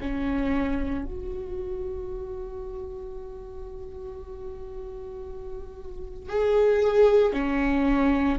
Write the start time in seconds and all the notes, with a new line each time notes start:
0.00 C#4
1.05 F#4
6.29 G#4
7.33 C#4